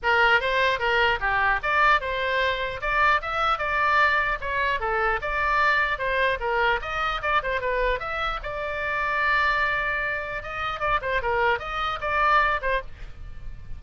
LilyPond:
\new Staff \with { instrumentName = "oboe" } { \time 4/4 \tempo 4 = 150 ais'4 c''4 ais'4 g'4 | d''4 c''2 d''4 | e''4 d''2 cis''4 | a'4 d''2 c''4 |
ais'4 dis''4 d''8 c''8 b'4 | e''4 d''2.~ | d''2 dis''4 d''8 c''8 | ais'4 dis''4 d''4. c''8 | }